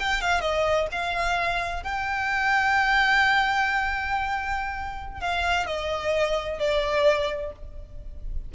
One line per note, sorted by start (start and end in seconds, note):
0.00 0.22 G5
0.22 0.41 F5
0.41 0.88 D#5
0.92 1.84 F5
1.84 5.21 G5
5.21 5.67 F5
5.67 6.60 D#5
6.60 7.53 D5